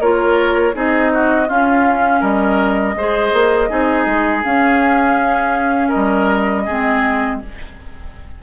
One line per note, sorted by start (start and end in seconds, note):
0.00 0.74 A#3
0.00 0.74 F4
0.00 0.75 A#4
0.00 0.75 C#5
0.74 1.49 C4
0.74 1.47 D#4
0.74 1.13 G#4
0.74 1.49 D#5
1.14 1.49 F#4
1.47 2.95 C#4
1.47 2.22 C#4
1.47 2.21 F4
1.47 2.23 F5
2.21 2.96 G3
2.21 2.95 A#4
2.21 4.44 D#5
2.96 3.33 G#3
2.96 3.69 G#4
2.96 3.70 C5
3.33 3.70 A#3
3.69 4.06 C4
3.69 4.43 D#4
3.69 5.89 G#4
4.06 4.44 G#3
4.44 6.67 C#4
4.44 5.94 C#4
4.44 5.90 F5
5.89 6.63 A#4
5.89 7.38 D#5
5.95 6.68 G3
6.66 7.42 G#3
6.66 7.43 C4
6.66 7.40 G#4